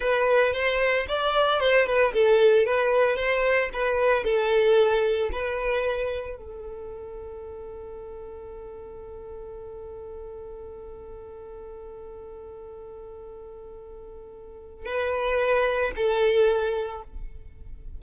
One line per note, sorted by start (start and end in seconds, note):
0.00 0.53 B4
0.53 1.06 C5
1.08 1.60 D5
1.60 1.86 C5
1.86 2.12 B4
2.13 2.65 A4
2.65 3.16 B4
3.16 3.69 C5
3.73 4.23 B4
4.23 5.30 A4
5.32 6.36 B4
6.36 14.85 A4
14.85 15.91 B4
15.96 17.02 A4